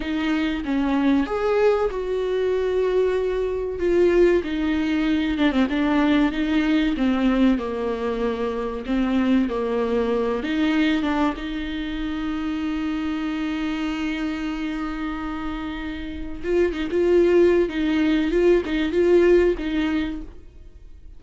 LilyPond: \new Staff \with { instrumentName = "viola" } { \time 4/4 \tempo 4 = 95 dis'4 cis'4 gis'4 fis'4~ | fis'2 f'4 dis'4~ | dis'8 d'16 c'16 d'4 dis'4 c'4 | ais2 c'4 ais4~ |
ais8 dis'4 d'8 dis'2~ | dis'1~ | dis'2 f'8 dis'16 f'4~ f'16 | dis'4 f'8 dis'8 f'4 dis'4 | }